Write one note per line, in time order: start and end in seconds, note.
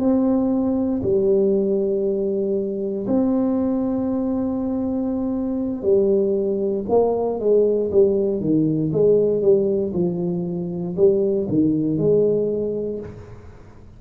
0.00 1.02 C4
1.03 3.06 G3
3.07 5.83 C4
5.83 6.85 G3
6.89 7.40 A#3
7.40 7.91 G#3
7.91 8.41 G3
8.41 8.92 D#3
8.93 9.42 G#3
9.42 9.92 G3
9.94 10.96 F3
10.96 11.47 G3
11.49 11.98 D#3
11.98 13.00 G#3